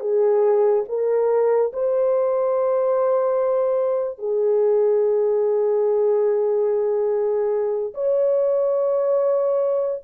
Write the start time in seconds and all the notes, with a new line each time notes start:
0.00 G#4
0.88 A#4
1.73 C5
4.19 G#4
7.94 C#5